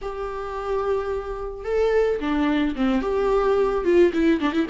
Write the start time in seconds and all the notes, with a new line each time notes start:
0.02 G4
1.64 A4
2.20 D4
2.75 C4
3.01 G4
3.84 F4
4.13 E4
4.40 D4
4.52 E4